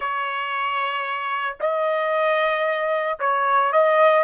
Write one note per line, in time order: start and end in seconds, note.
0.00 1.57 C#5
1.60 3.19 D#5
3.19 3.72 C#5
3.72 4.24 D#5